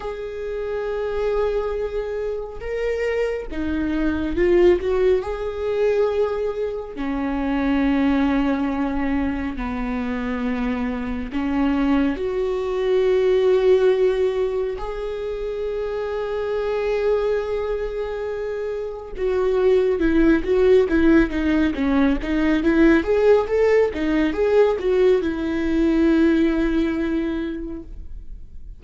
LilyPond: \new Staff \with { instrumentName = "viola" } { \time 4/4 \tempo 4 = 69 gis'2. ais'4 | dis'4 f'8 fis'8 gis'2 | cis'2. b4~ | b4 cis'4 fis'2~ |
fis'4 gis'2.~ | gis'2 fis'4 e'8 fis'8 | e'8 dis'8 cis'8 dis'8 e'8 gis'8 a'8 dis'8 | gis'8 fis'8 e'2. | }